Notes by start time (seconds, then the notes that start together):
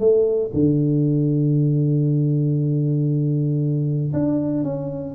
0.00 A3
0.54 D3
4.14 D4
4.64 C#4